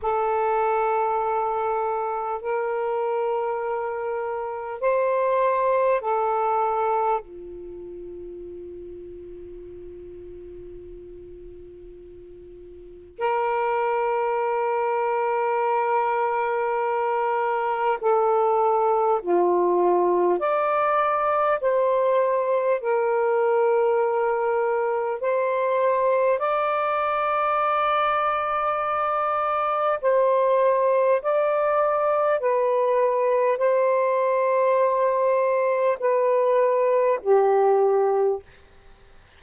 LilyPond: \new Staff \with { instrumentName = "saxophone" } { \time 4/4 \tempo 4 = 50 a'2 ais'2 | c''4 a'4 f'2~ | f'2. ais'4~ | ais'2. a'4 |
f'4 d''4 c''4 ais'4~ | ais'4 c''4 d''2~ | d''4 c''4 d''4 b'4 | c''2 b'4 g'4 | }